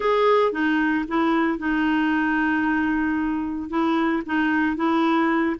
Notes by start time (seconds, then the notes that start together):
0.00 G#4
0.52 D#4
1.08 E4
1.58 D#4
3.69 E4
4.26 D#4
4.76 E4